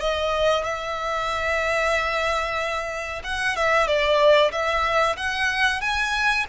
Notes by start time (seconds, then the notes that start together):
0.00 D#5
0.65 E5
3.24 F#5
3.57 E5
3.87 D5
4.52 E5
5.17 F#5
5.81 G#5